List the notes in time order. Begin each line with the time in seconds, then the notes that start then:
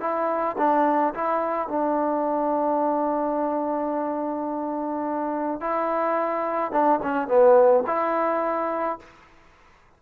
0.00 E4
0.58 D4
1.14 E4
1.68 D4
5.60 E4
6.71 D4
7.02 C#4
7.27 B3
7.86 E4